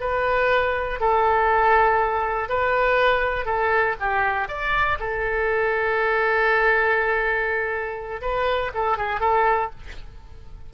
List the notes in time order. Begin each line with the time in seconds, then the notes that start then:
0.00 B4
1.00 A4
2.49 B4
3.45 A4
4.00 G4
4.48 D5
4.99 A4
8.21 B4
8.74 A4
8.97 G#4
9.20 A4